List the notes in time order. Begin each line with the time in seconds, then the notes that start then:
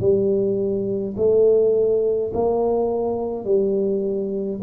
0.00 G3
1.17 A3
2.34 A#3
3.45 G3